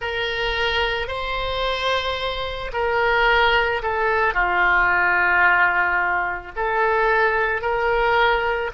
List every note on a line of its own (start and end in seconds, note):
0.01 1.07 A#4
1.07 2.71 C5
2.73 3.82 A#4
3.82 4.33 A4
4.33 6.52 F4
6.56 7.61 A4
7.61 8.70 A#4